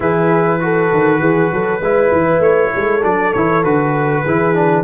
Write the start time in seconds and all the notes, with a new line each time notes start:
0.00 E3 E4 G#4 B4
0.60 F#4 A4
0.92 D#3
1.20 E3 G#4
1.52 F#3 A4
1.80 G#3 E4 B4
2.11 E3
2.39 A3 C#5
2.72 G#3 A4
3.02 F#3 D4 D5
3.33 E3 E4 C#5
3.63 D3 F#4 B4
4.23 E3 E4 G#4
4.54 D4